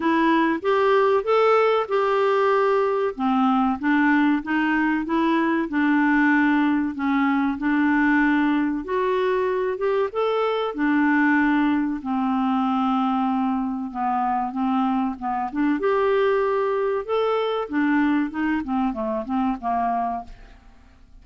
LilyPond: \new Staff \with { instrumentName = "clarinet" } { \time 4/4 \tempo 4 = 95 e'4 g'4 a'4 g'4~ | g'4 c'4 d'4 dis'4 | e'4 d'2 cis'4 | d'2 fis'4. g'8 |
a'4 d'2 c'4~ | c'2 b4 c'4 | b8 d'8 g'2 a'4 | d'4 dis'8 c'8 a8 c'8 ais4 | }